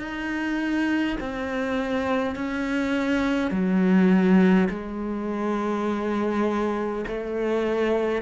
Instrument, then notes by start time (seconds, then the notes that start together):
cello
0.00 D#4
1.20 C4
2.36 C#4
3.51 F#3
4.70 G#3
7.07 A3